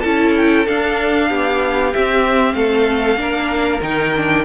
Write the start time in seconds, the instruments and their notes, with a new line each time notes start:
0.00 cello C#4, viola E4, violin A4 A5
0.37 violin G5
0.66 viola D4, cello D4, violin F5
1.29 cello B3, violin G4
1.93 viola C4, cello C4, violin E5
2.54 cello A3, violin A4 F5
3.17 cello A#3, viola D4, violin A#4
3.82 cello D#3, viola D#4, violin G5
4.16 viola D4